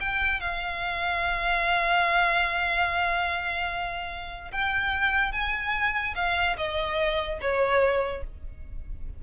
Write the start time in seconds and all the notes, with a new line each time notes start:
0.00 G5
0.41 F5
4.52 G5
5.32 G#5
6.16 F5
6.57 D#5
7.41 C#5